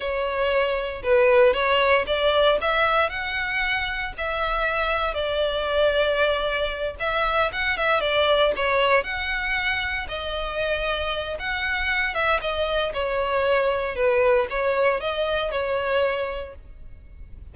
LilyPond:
\new Staff \with { instrumentName = "violin" } { \time 4/4 \tempo 4 = 116 cis''2 b'4 cis''4 | d''4 e''4 fis''2 | e''2 d''2~ | d''4. e''4 fis''8 e''8 d''8~ |
d''8 cis''4 fis''2 dis''8~ | dis''2 fis''4. e''8 | dis''4 cis''2 b'4 | cis''4 dis''4 cis''2 | }